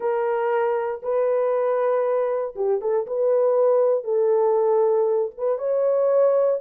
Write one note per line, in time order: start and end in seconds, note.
0.00 1.01 A#4
1.02 2.54 B4
2.55 2.81 G4
2.81 3.06 A4
3.06 4.04 B4
4.04 5.31 A4
5.37 5.58 B4
5.58 6.60 C#5